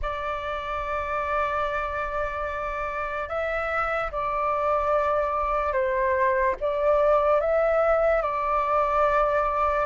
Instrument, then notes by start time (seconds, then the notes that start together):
flute
0.01 D5
3.28 E5
4.11 D5
5.72 C5
6.60 D5
7.40 E5
8.22 D5